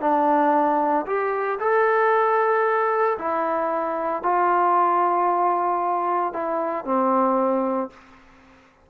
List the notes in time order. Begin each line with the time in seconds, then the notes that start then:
0.00 D4
1.06 G4
1.59 A4
3.18 E4
4.22 F4
6.33 E4
6.84 C4